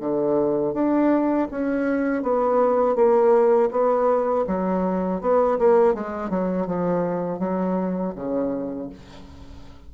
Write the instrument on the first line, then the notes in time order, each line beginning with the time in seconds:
bassoon
0.00 D3
0.73 D4
1.51 C#4
2.23 B3
2.95 A#3
3.71 B3
4.47 F#3
5.21 B3
5.58 A#3
5.94 G#3
6.30 F#3
6.66 F3
7.39 F#3
8.15 C#3